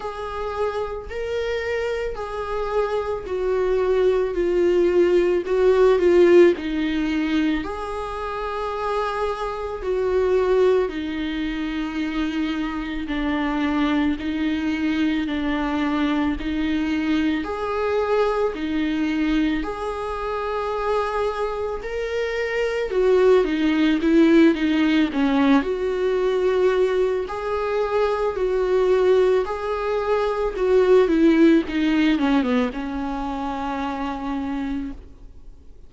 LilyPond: \new Staff \with { instrumentName = "viola" } { \time 4/4 \tempo 4 = 55 gis'4 ais'4 gis'4 fis'4 | f'4 fis'8 f'8 dis'4 gis'4~ | gis'4 fis'4 dis'2 | d'4 dis'4 d'4 dis'4 |
gis'4 dis'4 gis'2 | ais'4 fis'8 dis'8 e'8 dis'8 cis'8 fis'8~ | fis'4 gis'4 fis'4 gis'4 | fis'8 e'8 dis'8 cis'16 b16 cis'2 | }